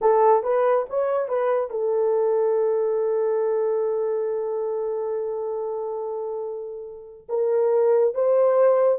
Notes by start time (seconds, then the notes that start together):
0.01 A4
0.43 B4
0.89 C#5
1.28 B4
1.70 A4
7.29 A#4
8.14 C5